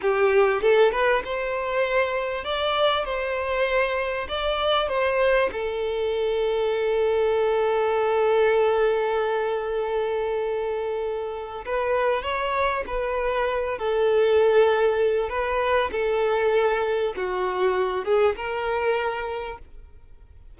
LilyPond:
\new Staff \with { instrumentName = "violin" } { \time 4/4 \tempo 4 = 98 g'4 a'8 b'8 c''2 | d''4 c''2 d''4 | c''4 a'2.~ | a'1~ |
a'2. b'4 | cis''4 b'4. a'4.~ | a'4 b'4 a'2 | fis'4. gis'8 ais'2 | }